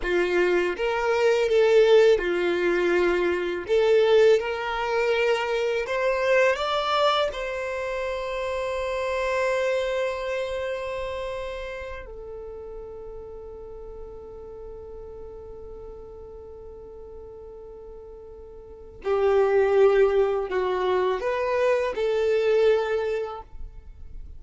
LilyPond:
\new Staff \with { instrumentName = "violin" } { \time 4/4 \tempo 4 = 82 f'4 ais'4 a'4 f'4~ | f'4 a'4 ais'2 | c''4 d''4 c''2~ | c''1~ |
c''8 a'2.~ a'8~ | a'1~ | a'2 g'2 | fis'4 b'4 a'2 | }